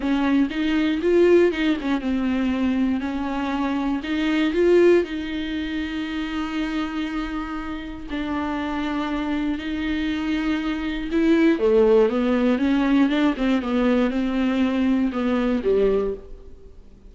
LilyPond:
\new Staff \with { instrumentName = "viola" } { \time 4/4 \tempo 4 = 119 cis'4 dis'4 f'4 dis'8 cis'8 | c'2 cis'2 | dis'4 f'4 dis'2~ | dis'1 |
d'2. dis'4~ | dis'2 e'4 a4 | b4 cis'4 d'8 c'8 b4 | c'2 b4 g4 | }